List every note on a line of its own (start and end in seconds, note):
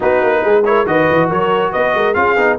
0.00 0.22 B3
0.00 0.63 D#4
0.00 0.41 F#4
0.00 0.64 B4
0.22 0.43 A#3
0.42 0.86 G#3
0.42 0.63 G#4
0.64 0.86 E4
0.64 0.88 A#4
0.64 0.86 C#5
0.86 1.07 D#3
0.86 2.14 F#4
0.86 1.29 B4
0.86 1.29 D#5
1.10 1.30 E3
1.29 1.73 F#3
1.29 1.71 A#4
1.29 1.72 C#5
1.71 1.93 B3
1.71 1.93 B4
1.71 2.14 D#5
1.93 2.15 G#3
1.93 2.17 A#4
2.14 2.36 C#4
2.14 2.36 F4
2.14 2.58 G#4
2.14 2.57 F5
2.36 2.58 B3
2.36 2.58 D#4